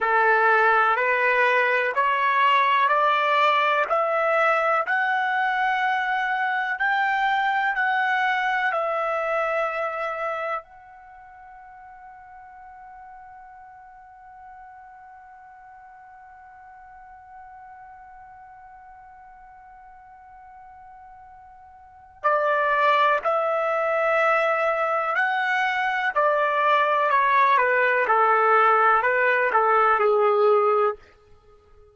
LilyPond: \new Staff \with { instrumentName = "trumpet" } { \time 4/4 \tempo 4 = 62 a'4 b'4 cis''4 d''4 | e''4 fis''2 g''4 | fis''4 e''2 fis''4~ | fis''1~ |
fis''1~ | fis''2. d''4 | e''2 fis''4 d''4 | cis''8 b'8 a'4 b'8 a'8 gis'4 | }